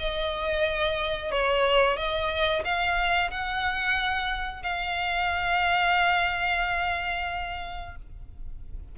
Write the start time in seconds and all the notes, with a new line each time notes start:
0.00 D#5
1.32 C#5
1.97 D#5
2.65 F5
3.31 F#5
4.63 F5